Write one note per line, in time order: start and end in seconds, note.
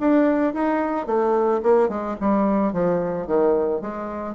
0.00 0.54 D4
0.54 1.06 D#4
1.06 1.61 A3
1.63 1.89 A#3
1.89 2.16 G#3
2.21 2.73 G3
2.73 3.27 F3
3.27 3.81 D#3
3.81 4.35 G#3